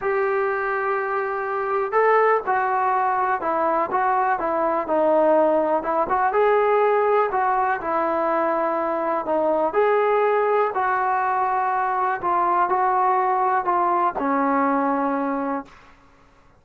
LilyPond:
\new Staff \with { instrumentName = "trombone" } { \time 4/4 \tempo 4 = 123 g'1 | a'4 fis'2 e'4 | fis'4 e'4 dis'2 | e'8 fis'8 gis'2 fis'4 |
e'2. dis'4 | gis'2 fis'2~ | fis'4 f'4 fis'2 | f'4 cis'2. | }